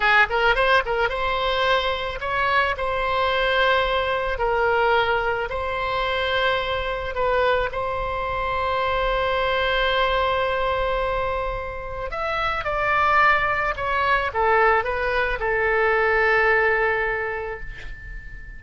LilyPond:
\new Staff \with { instrumentName = "oboe" } { \time 4/4 \tempo 4 = 109 gis'8 ais'8 c''8 ais'8 c''2 | cis''4 c''2. | ais'2 c''2~ | c''4 b'4 c''2~ |
c''1~ | c''2 e''4 d''4~ | d''4 cis''4 a'4 b'4 | a'1 | }